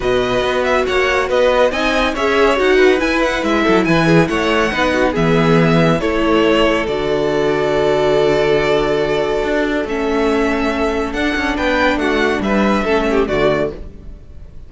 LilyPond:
<<
  \new Staff \with { instrumentName = "violin" } { \time 4/4 \tempo 4 = 140 dis''4. e''8 fis''4 dis''4 | gis''4 e''4 fis''4 gis''8 fis''8 | e''4 gis''4 fis''2 | e''2 cis''2 |
d''1~ | d''2. e''4~ | e''2 fis''4 g''4 | fis''4 e''2 d''4 | }
  \new Staff \with { instrumentName = "violin" } { \time 4/4 b'2 cis''4 b'4 | dis''4 cis''4. b'4.~ | b'8 a'8 b'8 gis'8 cis''4 b'8 fis'8 | gis'2 a'2~ |
a'1~ | a'1~ | a'2. b'4 | fis'4 b'4 a'8 g'8 fis'4 | }
  \new Staff \with { instrumentName = "viola" } { \time 4/4 fis'1 | dis'4 gis'4 fis'4 e'4~ | e'2. dis'4 | b2 e'2 |
fis'1~ | fis'2. cis'4~ | cis'2 d'2~ | d'2 cis'4 a4 | }
  \new Staff \with { instrumentName = "cello" } { \time 4/4 b,4 b4 ais4 b4 | c'4 cis'4 dis'4 e'4 | gis8 fis8 e4 a4 b4 | e2 a2 |
d1~ | d2 d'4 a4~ | a2 d'8 cis'8 b4 | a4 g4 a4 d4 | }
>>